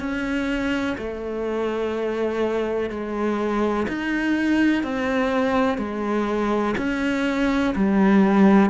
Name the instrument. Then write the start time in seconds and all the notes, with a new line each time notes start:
cello
0.00 C#4
0.98 A3
2.90 G#3
3.88 D#4
4.84 C4
5.78 G#3
6.78 C#4
7.76 G3